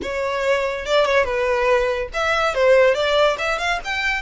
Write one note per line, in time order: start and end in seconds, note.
0.02 0.85 C#5
0.85 1.05 D5
1.05 1.24 C#5
1.24 2.09 B4
2.13 2.54 E5
2.54 2.94 C5
2.94 3.36 D5
3.38 3.58 E5
3.58 3.79 F5
3.84 4.22 G5